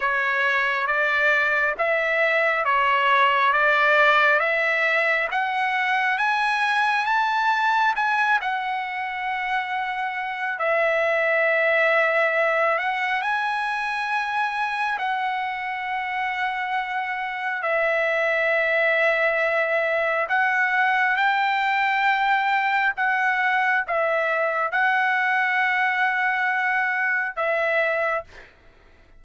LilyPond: \new Staff \with { instrumentName = "trumpet" } { \time 4/4 \tempo 4 = 68 cis''4 d''4 e''4 cis''4 | d''4 e''4 fis''4 gis''4 | a''4 gis''8 fis''2~ fis''8 | e''2~ e''8 fis''8 gis''4~ |
gis''4 fis''2. | e''2. fis''4 | g''2 fis''4 e''4 | fis''2. e''4 | }